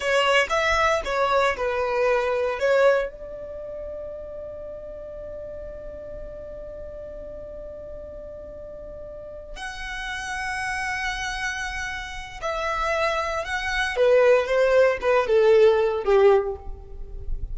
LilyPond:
\new Staff \with { instrumentName = "violin" } { \time 4/4 \tempo 4 = 116 cis''4 e''4 cis''4 b'4~ | b'4 cis''4 d''2~ | d''1~ | d''1~ |
d''2~ d''8 fis''4.~ | fis''1 | e''2 fis''4 b'4 | c''4 b'8 a'4. g'4 | }